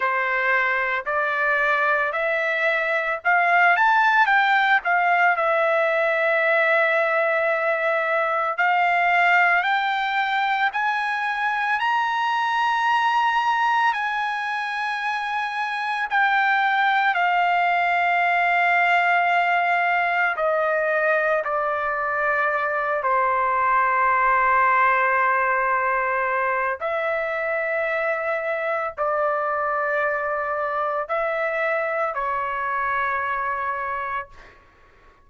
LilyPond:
\new Staff \with { instrumentName = "trumpet" } { \time 4/4 \tempo 4 = 56 c''4 d''4 e''4 f''8 a''8 | g''8 f''8 e''2. | f''4 g''4 gis''4 ais''4~ | ais''4 gis''2 g''4 |
f''2. dis''4 | d''4. c''2~ c''8~ | c''4 e''2 d''4~ | d''4 e''4 cis''2 | }